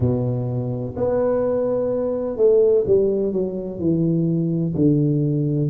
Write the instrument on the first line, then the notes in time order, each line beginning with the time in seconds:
tuba
0.00 B2
0.96 B3
2.36 A3
2.86 G3
3.32 F#3
3.79 E3
4.74 D3